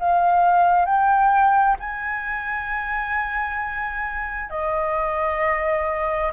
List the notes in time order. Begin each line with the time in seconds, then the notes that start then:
0.00 F5
0.86 G5
1.80 G#5
4.50 D#5